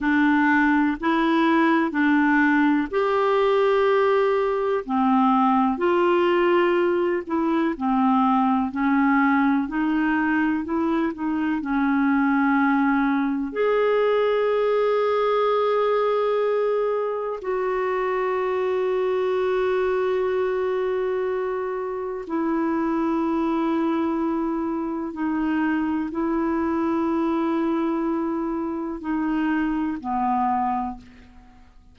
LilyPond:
\new Staff \with { instrumentName = "clarinet" } { \time 4/4 \tempo 4 = 62 d'4 e'4 d'4 g'4~ | g'4 c'4 f'4. e'8 | c'4 cis'4 dis'4 e'8 dis'8 | cis'2 gis'2~ |
gis'2 fis'2~ | fis'2. e'4~ | e'2 dis'4 e'4~ | e'2 dis'4 b4 | }